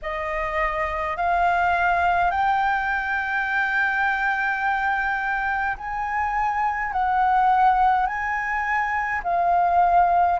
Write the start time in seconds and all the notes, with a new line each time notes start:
0.02 D#5
1.16 F5
2.30 G5
5.77 G#5
6.92 F#5
8.06 G#5
9.23 F5